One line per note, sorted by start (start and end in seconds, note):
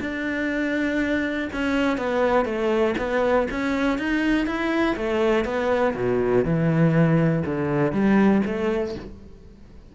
0.00 1.49 D4
1.52 1.97 C#4
1.97 2.45 B3
2.45 2.94 A3
2.98 3.47 B3
3.50 3.98 C#4
3.98 4.46 D#4
4.46 4.96 E4
4.96 5.44 A3
5.44 5.94 B3
5.95 6.44 B2
6.44 7.43 E3
7.45 7.92 D3
7.92 8.42 G3
8.45 8.95 A3